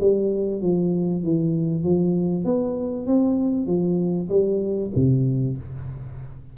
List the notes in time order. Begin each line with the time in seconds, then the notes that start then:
0.00 G3
0.61 F3
1.23 E3
1.83 F3
2.44 B3
3.06 C4
3.66 F3
4.28 G3
4.95 C3